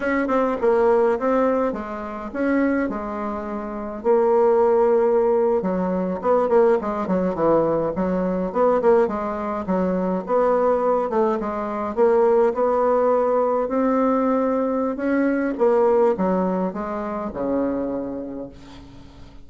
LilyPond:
\new Staff \with { instrumentName = "bassoon" } { \time 4/4 \tempo 4 = 104 cis'8 c'8 ais4 c'4 gis4 | cis'4 gis2 ais4~ | ais4.~ ais16 fis4 b8 ais8 gis16~ | gis16 fis8 e4 fis4 b8 ais8 gis16~ |
gis8. fis4 b4. a8 gis16~ | gis8. ais4 b2 c'16~ | c'2 cis'4 ais4 | fis4 gis4 cis2 | }